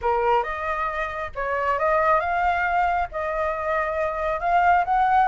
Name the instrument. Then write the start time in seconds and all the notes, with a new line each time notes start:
flute
0.01 A#4
0.43 D#5
1.35 C#5
1.78 D#5
2.19 F5
3.11 D#5
4.40 F5
4.84 F#5